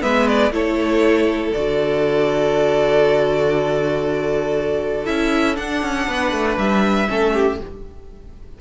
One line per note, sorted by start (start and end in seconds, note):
0.00 0.51 G#3
0.00 0.50 B3
0.00 0.53 B4
0.00 0.28 E5
0.28 0.53 D5
0.51 1.52 A3
0.51 1.53 E4
0.51 6.09 A4
0.51 1.53 C#5
1.53 5.08 D3
1.53 5.06 F#4
1.53 5.06 D5
5.06 5.58 C#4
5.06 5.56 E4
5.06 5.56 E5
5.56 7.07 D4
5.56 5.83 D4
5.56 6.58 F#5
5.83 6.08 C#4
6.08 6.32 B3
6.08 7.10 B4
6.32 6.57 A3
6.58 7.08 G3
6.58 7.59 E5
7.08 7.61 A3
7.08 7.58 C#4
7.08 7.34 A4
7.34 7.59 G4